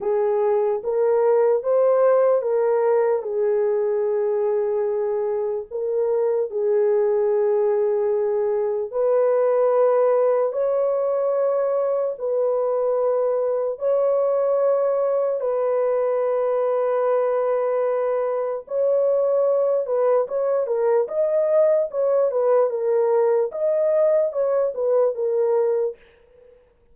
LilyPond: \new Staff \with { instrumentName = "horn" } { \time 4/4 \tempo 4 = 74 gis'4 ais'4 c''4 ais'4 | gis'2. ais'4 | gis'2. b'4~ | b'4 cis''2 b'4~ |
b'4 cis''2 b'4~ | b'2. cis''4~ | cis''8 b'8 cis''8 ais'8 dis''4 cis''8 b'8 | ais'4 dis''4 cis''8 b'8 ais'4 | }